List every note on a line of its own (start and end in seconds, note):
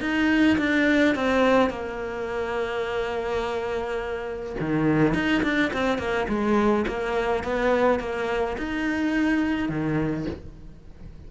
0.00 0.57 D#4
0.57 1.15 D4
1.15 1.70 C4
1.70 4.55 A#3
4.60 5.14 D#3
5.14 5.42 D#4
5.43 5.71 D4
5.73 5.98 C4
5.98 6.26 A#3
6.28 6.85 G#3
6.87 7.43 A#3
7.43 7.99 B3
7.99 8.56 A#3
8.57 9.68 D#4
9.68 10.25 D#3